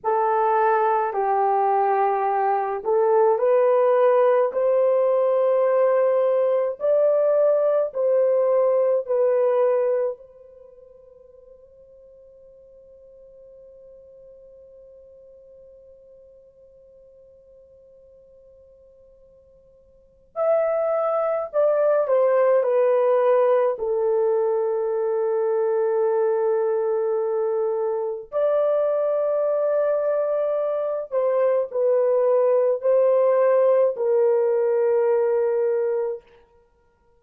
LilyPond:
\new Staff \with { instrumentName = "horn" } { \time 4/4 \tempo 4 = 53 a'4 g'4. a'8 b'4 | c''2 d''4 c''4 | b'4 c''2.~ | c''1~ |
c''2 e''4 d''8 c''8 | b'4 a'2.~ | a'4 d''2~ d''8 c''8 | b'4 c''4 ais'2 | }